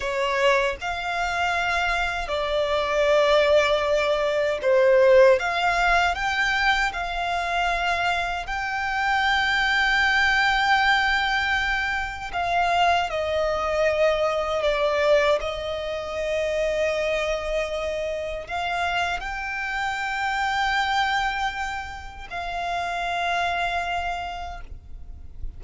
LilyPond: \new Staff \with { instrumentName = "violin" } { \time 4/4 \tempo 4 = 78 cis''4 f''2 d''4~ | d''2 c''4 f''4 | g''4 f''2 g''4~ | g''1 |
f''4 dis''2 d''4 | dis''1 | f''4 g''2.~ | g''4 f''2. | }